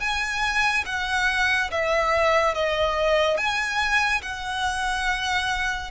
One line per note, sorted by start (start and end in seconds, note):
0.00 0.85 G#5
0.86 1.70 F#5
1.71 2.55 E5
2.55 3.37 D#5
3.37 4.22 G#5
4.22 5.91 F#5